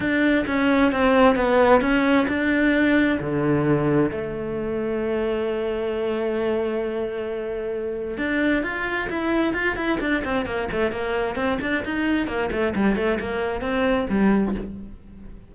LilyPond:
\new Staff \with { instrumentName = "cello" } { \time 4/4 \tempo 4 = 132 d'4 cis'4 c'4 b4 | cis'4 d'2 d4~ | d4 a2.~ | a1~ |
a2 d'4 f'4 | e'4 f'8 e'8 d'8 c'8 ais8 a8 | ais4 c'8 d'8 dis'4 ais8 a8 | g8 a8 ais4 c'4 g4 | }